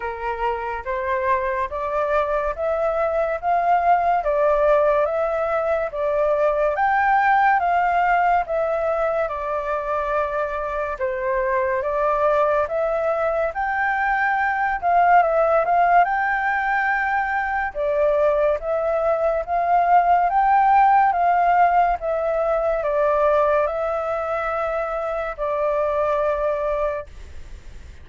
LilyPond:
\new Staff \with { instrumentName = "flute" } { \time 4/4 \tempo 4 = 71 ais'4 c''4 d''4 e''4 | f''4 d''4 e''4 d''4 | g''4 f''4 e''4 d''4~ | d''4 c''4 d''4 e''4 |
g''4. f''8 e''8 f''8 g''4~ | g''4 d''4 e''4 f''4 | g''4 f''4 e''4 d''4 | e''2 d''2 | }